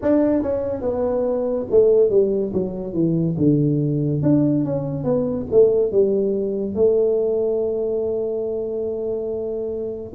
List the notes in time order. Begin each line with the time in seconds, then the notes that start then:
0.02 D4
0.42 C#4
0.81 B3
1.71 A3
2.10 G3
2.53 F#3
2.93 E3
3.37 D3
4.22 D4
4.64 C#4
5.04 B3
5.51 A3
5.91 G3
6.74 A3